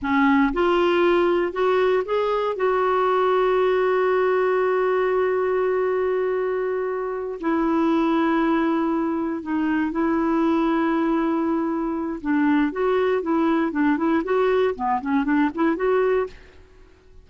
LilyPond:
\new Staff \with { instrumentName = "clarinet" } { \time 4/4 \tempo 4 = 118 cis'4 f'2 fis'4 | gis'4 fis'2.~ | fis'1~ | fis'2~ fis'8 e'4.~ |
e'2~ e'8 dis'4 e'8~ | e'1 | d'4 fis'4 e'4 d'8 e'8 | fis'4 b8 cis'8 d'8 e'8 fis'4 | }